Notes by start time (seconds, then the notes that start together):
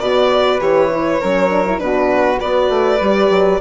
0.00 B2 F#4 B4 D5
0.60 E3 G4 C#5
0.91 E4
1.20 F#3 C#4 A#4
1.50 D4
1.66 E4
1.78 B2 D4 F#4 B4
2.40 B3 F#4 B4 D5
2.69 A3
3.00 G3 G4
3.30 F#3